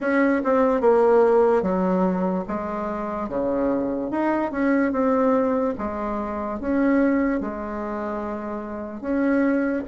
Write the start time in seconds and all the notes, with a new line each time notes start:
0.00 C#4
0.44 C4
0.80 A#3
1.62 F#3
2.47 G#3
3.28 C#3
4.11 D#4
4.51 C#4
4.92 C4
5.78 G#3
6.60 C#4
7.40 G#3
9.00 C#4